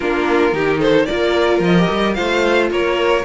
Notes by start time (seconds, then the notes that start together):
0.00 A#3 D4 F4 A#4
0.52 D#3 D#4 G4
0.78 A4 C5
1.05 A#3 F4 A#4 D5
1.59 F3 D#5
1.77 G4
1.90 G3
2.14 A3 F4 C5 F5
2.70 A#3 A#4 C#5